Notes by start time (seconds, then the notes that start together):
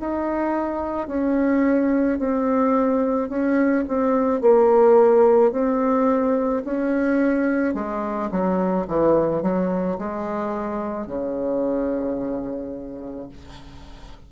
0.00 D#4
1.08 C#4
2.19 C4
3.29 C#4
3.88 C4
4.41 A#3
5.52 C4
6.65 C#4
7.75 G#3
8.31 F#3
8.88 E3
9.42 F#3
9.98 G#3
11.07 C#3